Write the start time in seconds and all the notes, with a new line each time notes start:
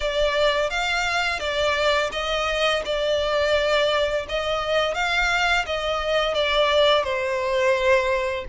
0.00 D5
0.70 F5
1.39 D5
2.12 D#5
2.85 D5
4.28 D#5
4.94 F5
5.66 D#5
6.34 D5
7.03 C5